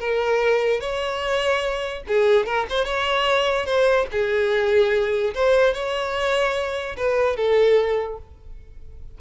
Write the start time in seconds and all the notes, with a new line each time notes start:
0.00 A#4
0.81 C#5
2.08 G#4
2.46 A#4
2.70 C5
2.85 C#5
3.66 C5
4.12 G#4
5.35 C5
5.74 C#5
6.97 B4
7.37 A4